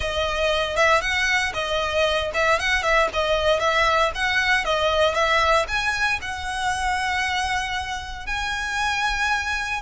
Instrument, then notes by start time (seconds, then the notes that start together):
violin
0.00 D#5
0.76 E5
1.01 F#5
1.53 D#5
2.34 E5
2.59 F#5
2.82 E5
3.13 D#5
3.59 E5
4.14 F#5
4.64 D#5
5.14 E5
5.68 G#5
6.21 F#5
8.26 G#5